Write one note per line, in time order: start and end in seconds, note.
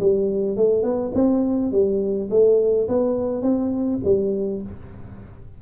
0.00 0.57 G3
0.57 0.83 A3
0.83 1.12 B3
1.15 1.72 C4
1.72 2.30 G3
2.31 2.88 A3
2.88 3.42 B3
3.42 4.00 C4
4.05 4.62 G3